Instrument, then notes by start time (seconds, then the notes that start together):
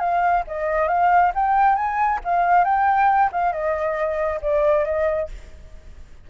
flute
0.00 F5
0.48 D#5
0.89 F5
1.35 G5
1.76 G#5
2.25 F5
2.65 G5
3.32 F5
3.53 D#5
4.42 D5
4.85 D#5